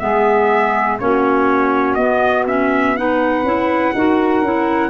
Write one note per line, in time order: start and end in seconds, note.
0.00 1.00 G#3
0.00 0.99 B3
0.00 0.99 G#4
0.00 0.98 E5
0.99 1.97 A#3
0.99 1.99 C#4
0.99 2.98 F#4
0.99 1.95 C#5
1.95 3.44 B3
1.95 2.48 B3
1.95 2.44 D#5
2.48 2.97 C#4
2.48 2.97 E5
2.97 3.45 D#4
2.97 3.95 B4
2.97 4.90 F#5
3.44 3.93 C#4
3.44 3.95 E4
3.95 4.42 D#4
3.95 4.45 F#4
3.95 4.90 A#4
4.42 4.90 C#4
4.42 4.90 E4